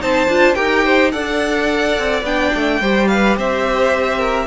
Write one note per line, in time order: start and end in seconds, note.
0.00 0.28 C4
0.00 0.28 D#4
0.00 0.57 C5
0.00 0.55 A5
0.28 0.56 D4
0.28 0.56 F4
0.55 1.14 D#4
0.55 1.12 G4
0.55 0.84 A#4
0.55 1.11 G5
0.84 1.12 C5
1.12 1.98 D4
1.12 2.24 A4
1.12 2.81 D5
1.12 2.24 F#5
1.99 2.23 C4
2.23 2.51 B3
2.23 2.82 D4
2.23 3.08 G5
2.55 2.81 A3
2.81 3.37 G3
2.81 4.48 G4
2.81 3.09 C5
3.08 3.38 B4
3.08 3.36 F5
3.37 4.48 C4
3.37 4.19 C5
3.37 4.48 E5
4.19 4.47 A#4